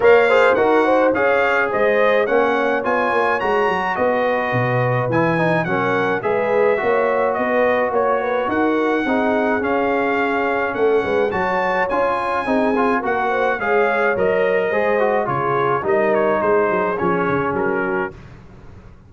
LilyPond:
<<
  \new Staff \with { instrumentName = "trumpet" } { \time 4/4 \tempo 4 = 106 f''4 fis''4 f''4 dis''4 | fis''4 gis''4 ais''4 dis''4~ | dis''4 gis''4 fis''4 e''4~ | e''4 dis''4 cis''4 fis''4~ |
fis''4 f''2 fis''4 | a''4 gis''2 fis''4 | f''4 dis''2 cis''4 | dis''8 cis''8 c''4 cis''4 ais'4 | }
  \new Staff \with { instrumentName = "horn" } { \time 4/4 cis''8 c''8 ais'8 c''8 cis''4 c''4 | cis''2. b'4~ | b'2 ais'4 b'4 | cis''4 b'4 cis''8 b'8 ais'4 |
gis'2. a'8 b'8 | cis''2 gis'4 ais'8 c''8 | cis''2 c''4 gis'4 | ais'4 gis'2~ gis'8 fis'8 | }
  \new Staff \with { instrumentName = "trombone" } { \time 4/4 ais'8 gis'8 fis'4 gis'2 | cis'4 f'4 fis'2~ | fis'4 e'8 dis'8 cis'4 gis'4 | fis'1 |
dis'4 cis'2. | fis'4 f'4 dis'8 f'8 fis'4 | gis'4 ais'4 gis'8 fis'8 f'4 | dis'2 cis'2 | }
  \new Staff \with { instrumentName = "tuba" } { \time 4/4 ais4 dis'4 cis'4 gis4 | ais4 b8 ais8 gis8 fis8 b4 | b,4 e4 fis4 gis4 | ais4 b4 ais4 dis'4 |
c'4 cis'2 a8 gis8 | fis4 cis'4 c'4 ais4 | gis4 fis4 gis4 cis4 | g4 gis8 fis8 f8 cis8 fis4 | }
>>